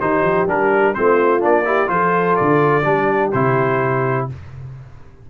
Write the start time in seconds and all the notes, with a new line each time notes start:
0.00 D#3 D#4 G4 C5
0.23 F3
0.47 G3 D4 A#4
0.94 A3 C4 F4 C5
1.40 A#3 D4 D5
1.65 E4 G4
1.87 F3 F4 A4 C5
2.36 D3 D5
2.84 G3 D4 G4
3.32 C3 E4 C5